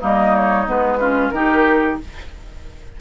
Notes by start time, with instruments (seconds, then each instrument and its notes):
0.00 bassoon G3, clarinet A#3, oboe D#4, flute D#5
0.36 flute C#5
0.66 bassoon G#3, clarinet B3, flute B4
1.00 clarinet C#4, oboe F4
1.29 bassoon D#3, clarinet D#4, oboe G4, flute A#4